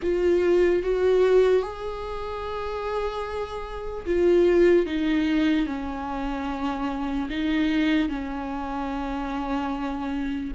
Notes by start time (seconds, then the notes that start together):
0.02 F4
0.82 F#4
1.62 G#4
4.06 F4
4.86 D#4
5.66 C#4
7.29 D#4
8.08 C#4